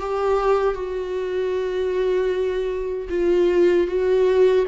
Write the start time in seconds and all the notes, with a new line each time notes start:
0.00 G4
0.74 F#4
3.10 F4
3.87 F#4